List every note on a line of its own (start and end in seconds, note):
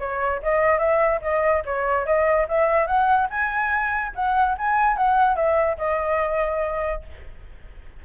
0.00 0.41 C#5
0.43 0.79 D#5
0.79 1.20 E5
1.22 1.63 D#5
1.66 2.06 C#5
2.06 2.47 D#5
2.49 2.87 E5
2.87 3.28 F#5
3.30 4.13 G#5
4.15 4.57 F#5
4.58 4.97 G#5
4.97 5.36 F#5
5.36 5.77 E5
5.78 7.02 D#5